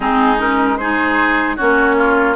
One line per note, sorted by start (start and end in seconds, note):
0.00 1.57 G#3
0.00 0.37 C4
0.00 0.78 D#4
0.00 0.39 G#4
0.38 0.77 C#4
0.38 0.77 A#4
0.77 1.58 D#4
0.77 1.56 G#4
0.77 1.56 C5
1.56 2.35 A#3
1.56 2.35 C#4
1.56 1.95 F#4
1.56 2.35 C#5
1.97 2.35 F4